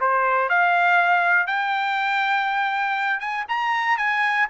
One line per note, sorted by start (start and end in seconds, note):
0.00 0.49 C5
0.49 1.46 F5
1.46 3.19 G5
3.19 3.44 G#5
3.48 3.97 A#5
3.97 4.47 G#5